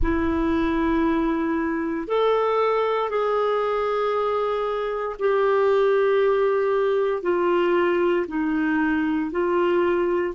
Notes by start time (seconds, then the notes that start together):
0.02 E4
2.07 A4
3.09 G#4
5.19 G4
7.22 F4
8.27 D#4
9.31 F4